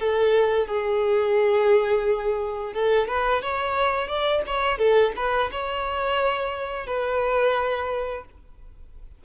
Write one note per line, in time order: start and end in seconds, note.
0.00 0.67 A4
0.67 2.74 G#4
2.74 3.08 A4
3.08 3.43 B4
3.43 4.08 C#5
4.08 4.43 D5
4.47 4.78 C#5
4.78 5.13 A4
5.17 5.51 B4
5.52 6.87 C#5
6.87 8.25 B4